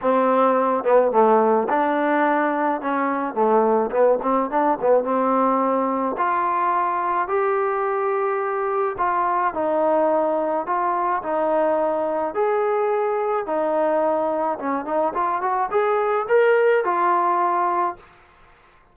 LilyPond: \new Staff \with { instrumentName = "trombone" } { \time 4/4 \tempo 4 = 107 c'4. b8 a4 d'4~ | d'4 cis'4 a4 b8 c'8 | d'8 b8 c'2 f'4~ | f'4 g'2. |
f'4 dis'2 f'4 | dis'2 gis'2 | dis'2 cis'8 dis'8 f'8 fis'8 | gis'4 ais'4 f'2 | }